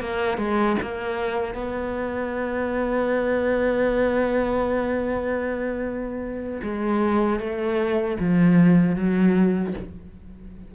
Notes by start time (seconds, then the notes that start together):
0.00 A#3
0.37 G#3
0.81 A#3
1.54 B3
6.63 G#3
7.40 A3
8.20 F3
8.95 F#3